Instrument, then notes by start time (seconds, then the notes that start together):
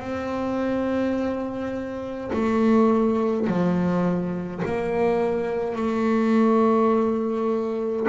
double bass
0.00 C4
2.33 A3
3.48 F3
4.65 A#3
5.75 A3